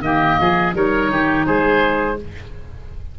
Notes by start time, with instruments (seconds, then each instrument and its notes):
0.00 tuba D#3, clarinet A#3, oboe G4 D#5
0.40 tuba F3, oboe G#4
0.73 tuba G3, clarinet D#4, oboe A#4 C#5
1.09 tuba D#3, oboe G4
1.46 tuba G#3, oboe G#4 C5